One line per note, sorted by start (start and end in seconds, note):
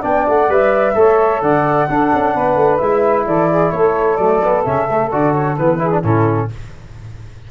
0.00 0.27 B3
0.00 0.48 D4
0.00 0.92 D5
0.00 0.27 G5
0.28 0.49 A3
0.28 0.51 F#5
0.49 0.95 G3
0.49 0.94 B4
0.49 1.41 E5
0.94 1.42 A3
0.94 1.87 A4
0.94 1.42 C#5
1.41 1.88 D3
1.41 1.88 D5
1.41 2.77 F#5
1.89 2.81 D4
1.89 2.12 D4
1.89 2.33 A4
2.14 2.35 C#4
2.33 2.56 B3
2.33 3.25 B4
2.56 2.79 A3
2.77 3.25 G#3
2.77 4.19 E4
2.77 3.24 E5
3.25 3.72 E3
3.25 3.49 A4
3.25 3.71 D5
3.49 3.72 G#4
3.71 4.18 A3
3.71 5.80 A4
3.71 4.16 C#5
4.16 4.64 F#3
4.16 4.42 A3
4.16 4.62 D5
4.43 4.65 B3
4.64 5.12 C#3
4.64 4.88 C#4
4.64 5.10 E5
4.90 5.11 A3
5.11 5.58 D3
5.11 5.57 F#4
5.11 5.32 D5
5.32 5.55 C#5
5.56 6.03 E3
5.56 5.79 B3
5.56 6.02 B4
5.79 5.90 E4
5.79 6.01 G#4
5.91 6.03 D4
6.01 6.49 A2
6.01 6.49 C#4
6.01 6.47 E4
6.01 6.51 A4